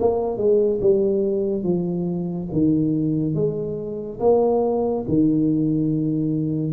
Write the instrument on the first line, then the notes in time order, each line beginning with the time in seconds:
tuba
0.00 A#3
0.38 G#3
0.81 G3
1.64 F3
2.52 D#3
3.35 G#3
4.20 A#3
5.09 D#3